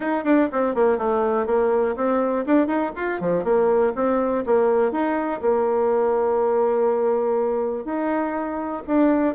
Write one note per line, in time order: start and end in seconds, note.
0.00 0.24 D#4
0.24 0.49 D4
0.51 0.74 C4
0.74 0.98 A#3
0.98 1.46 A3
1.46 1.95 A#3
1.96 2.45 C4
2.45 2.67 D4
2.67 2.92 D#4
2.95 3.20 F4
3.20 3.44 F3
3.44 3.93 A#3
3.95 4.44 C4
4.46 4.91 A#3
4.91 5.41 D#4
5.41 7.84 A#3
7.84 8.83 D#4
8.87 9.35 D4